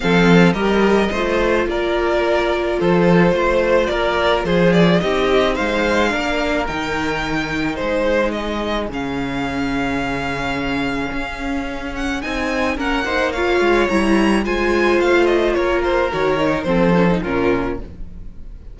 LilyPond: <<
  \new Staff \with { instrumentName = "violin" } { \time 4/4 \tempo 4 = 108 f''4 dis''2 d''4~ | d''4 c''2 d''4 | c''8 d''8 dis''4 f''2 | g''2 c''4 dis''4 |
f''1~ | f''4. fis''8 gis''4 fis''4 | f''4 ais''4 gis''4 f''8 dis''8 | cis''8 c''8 cis''4 c''4 ais'4 | }
  \new Staff \with { instrumentName = "violin" } { \time 4/4 a'4 ais'4 c''4 ais'4~ | ais'4 a'4 c''4 ais'4 | gis'4 g'4 c''4 ais'4~ | ais'2 gis'2~ |
gis'1~ | gis'2. ais'8 c''8 | cis''2 c''2 | ais'2 a'4 f'4 | }
  \new Staff \with { instrumentName = "viola" } { \time 4/4 c'4 g'4 f'2~ | f'1~ | f'4 dis'2 d'4 | dis'1 |
cis'1~ | cis'2 dis'4 cis'8 dis'8 | f'4 e'4 f'2~ | f'4 fis'8 dis'8 c'8 cis'16 dis'16 cis'4 | }
  \new Staff \with { instrumentName = "cello" } { \time 4/4 f4 g4 a4 ais4~ | ais4 f4 a4 ais4 | f4 c'4 gis4 ais4 | dis2 gis2 |
cis1 | cis'2 c'4 ais4~ | ais8 gis8 g4 gis4 a4 | ais4 dis4 f4 ais,4 | }
>>